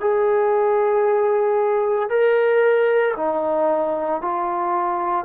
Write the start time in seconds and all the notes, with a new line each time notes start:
0.00 G#4
2.09 A#4
3.17 D#4
4.21 F4